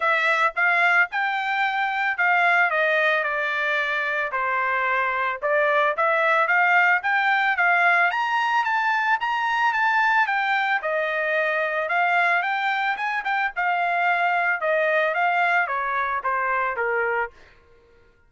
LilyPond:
\new Staff \with { instrumentName = "trumpet" } { \time 4/4 \tempo 4 = 111 e''4 f''4 g''2 | f''4 dis''4 d''2 | c''2 d''4 e''4 | f''4 g''4 f''4 ais''4 |
a''4 ais''4 a''4 g''4 | dis''2 f''4 g''4 | gis''8 g''8 f''2 dis''4 | f''4 cis''4 c''4 ais'4 | }